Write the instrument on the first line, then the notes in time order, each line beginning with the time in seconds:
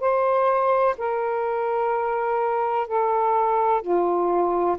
saxophone
0.00 C5
0.98 A#4
2.87 A4
3.82 F4